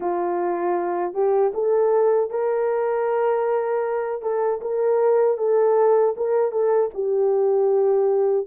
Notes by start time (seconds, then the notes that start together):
0.00 F4
1.13 G4
1.54 A4
2.30 A#4
4.22 A4
4.61 A#4
5.37 A4
6.16 A#4
6.51 A4
6.94 G4